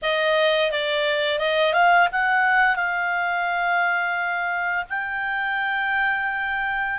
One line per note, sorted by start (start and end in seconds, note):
0.02 0.71 D#5
0.71 1.39 D5
1.39 1.73 D#5
1.73 2.07 F5
2.12 2.75 F#5
2.75 4.85 F5
4.89 6.98 G5